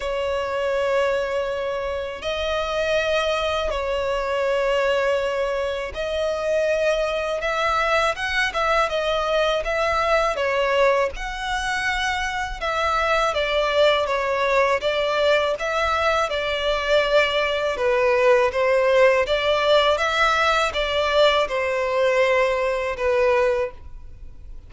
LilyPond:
\new Staff \with { instrumentName = "violin" } { \time 4/4 \tempo 4 = 81 cis''2. dis''4~ | dis''4 cis''2. | dis''2 e''4 fis''8 e''8 | dis''4 e''4 cis''4 fis''4~ |
fis''4 e''4 d''4 cis''4 | d''4 e''4 d''2 | b'4 c''4 d''4 e''4 | d''4 c''2 b'4 | }